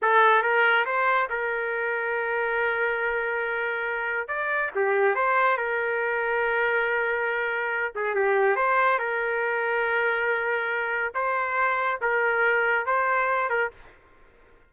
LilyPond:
\new Staff \with { instrumentName = "trumpet" } { \time 4/4 \tempo 4 = 140 a'4 ais'4 c''4 ais'4~ | ais'1~ | ais'2 d''4 g'4 | c''4 ais'2.~ |
ais'2~ ais'8 gis'8 g'4 | c''4 ais'2.~ | ais'2 c''2 | ais'2 c''4. ais'8 | }